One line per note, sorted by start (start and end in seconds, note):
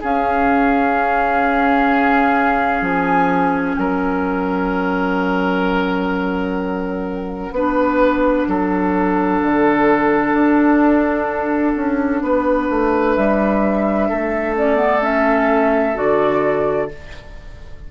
0.00 2.81 C#4
0.00 7.54 C#4
0.00 3.75 G#4
0.00 2.84 F5
2.81 3.75 F3
2.81 3.78 G#5
3.77 7.51 F#3
3.77 7.54 A#4
3.77 13.14 F#5
7.51 8.45 B3
7.51 14.55 D4
7.51 8.48 B4
8.47 9.41 F#3
8.47 12.22 A4
9.42 10.33 D3
10.33 11.73 D4
11.76 12.21 C#4
12.21 12.68 B3
12.21 14.09 B4
12.70 13.17 A3
13.14 14.10 G3
13.14 14.55 E5
14.09 15.97 A3
14.09 16.90 A4
14.55 14.76 C#4
14.55 15.03 D5
14.76 14.99 B3
15.01 15.94 C#4
15.01 15.97 E5
15.94 16.90 D3
15.94 16.88 F#4
15.94 16.91 D5